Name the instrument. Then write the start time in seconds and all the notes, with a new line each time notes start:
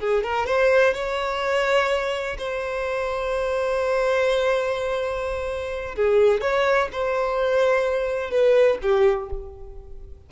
violin
0.00 G#4
0.24 A#4
0.47 C5
0.94 C#5
2.38 C5
5.96 G#4
6.41 C#5
6.92 C5
8.31 B4
8.82 G4